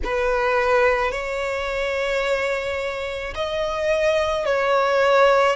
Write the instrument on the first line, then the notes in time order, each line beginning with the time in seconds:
violin
0.04 B4
1.11 C#5
3.34 D#5
4.45 C#5